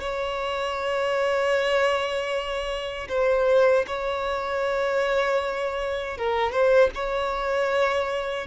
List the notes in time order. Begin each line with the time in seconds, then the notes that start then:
0.00 C#5
3.08 C5
3.87 C#5
6.17 A#4
6.51 C5
6.94 C#5